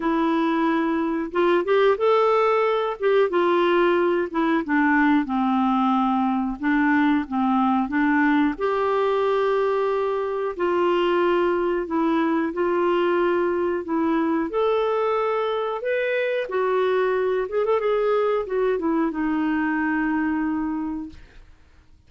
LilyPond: \new Staff \with { instrumentName = "clarinet" } { \time 4/4 \tempo 4 = 91 e'2 f'8 g'8 a'4~ | a'8 g'8 f'4. e'8 d'4 | c'2 d'4 c'4 | d'4 g'2. |
f'2 e'4 f'4~ | f'4 e'4 a'2 | b'4 fis'4. gis'16 a'16 gis'4 | fis'8 e'8 dis'2. | }